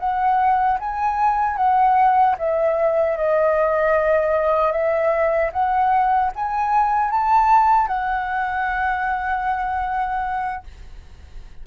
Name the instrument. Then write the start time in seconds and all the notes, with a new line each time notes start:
flute
0.00 F#5
0.80 G#5
1.57 F#5
2.39 E5
3.18 D#5
4.72 E5
5.53 F#5
6.36 G#5
7.11 A5
7.88 F#5